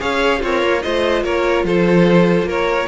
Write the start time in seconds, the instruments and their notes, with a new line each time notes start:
0.00 cello C#4, viola G#4, violin C#5 F5
0.40 cello C4, violin F4 C#5
0.47 viola A#4
0.63 cello A#3
0.82 cello A3, viola F4, violin C5 D#5
1.24 cello A#3, violin A#4 C#5
1.64 cello F3, violin A4 C5
2.43 cello A#3, violin A#4
2.50 violin C#5